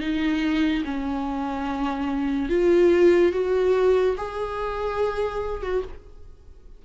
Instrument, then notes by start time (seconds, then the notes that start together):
viola
0.00 D#4
0.85 C#4
2.50 F4
3.33 F#4
4.17 G#4
5.62 F#4